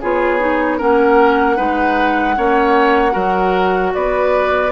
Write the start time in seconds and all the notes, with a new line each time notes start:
0.00 B3 F4 G#4 C#5
0.39 D#4
0.77 A#3 C#4 A#4 F#5
1.56 G#3 D#4 B4
2.36 A#3 C#4 C#5
3.11 F#3 F#4 A#4
3.94 B3 B4 D5